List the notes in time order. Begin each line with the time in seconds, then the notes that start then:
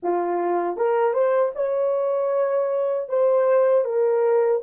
0.02 F4
0.76 A#4
1.13 C5
1.55 C#5
3.08 C5
3.85 A#4